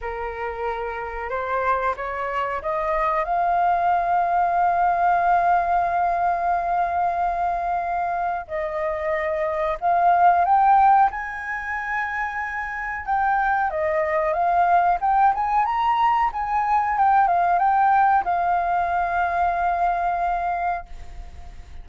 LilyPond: \new Staff \with { instrumentName = "flute" } { \time 4/4 \tempo 4 = 92 ais'2 c''4 cis''4 | dis''4 f''2.~ | f''1~ | f''4 dis''2 f''4 |
g''4 gis''2. | g''4 dis''4 f''4 g''8 gis''8 | ais''4 gis''4 g''8 f''8 g''4 | f''1 | }